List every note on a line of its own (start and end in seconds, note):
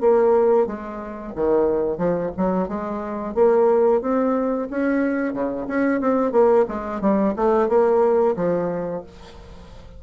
0.00 0.66 A#3
0.66 1.33 G#3
1.35 1.98 D#3
1.98 2.31 F3
2.37 2.68 F#3
2.68 3.35 G#3
3.35 4.01 A#3
4.01 4.68 C4
4.70 5.33 C#4
5.33 5.67 C#3
5.67 6.01 C#4
6.01 6.32 C4
6.32 6.65 A#3
6.68 7.01 G#3
7.01 7.34 G3
7.36 7.68 A3
7.68 8.35 A#3
8.36 9.03 F3